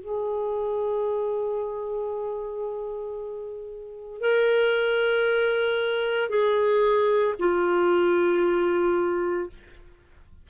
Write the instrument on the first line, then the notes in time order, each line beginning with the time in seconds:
clarinet
0.00 G#4
4.21 A#4
6.30 G#4
7.39 F4